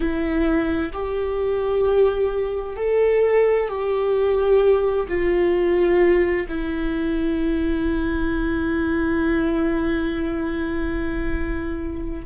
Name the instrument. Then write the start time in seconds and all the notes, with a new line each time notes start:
viola
0.00 E4
0.92 G4
2.76 A4
3.68 G4
5.08 F4
6.48 E4